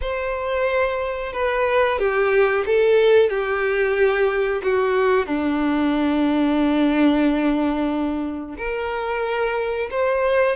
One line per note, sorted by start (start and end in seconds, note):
0.01 1.32 C5
1.32 1.98 B4
1.98 2.64 G4
2.66 3.29 A4
3.29 4.61 G4
4.62 5.26 F#4
5.26 8.55 D4
8.57 9.89 A#4
9.90 10.56 C5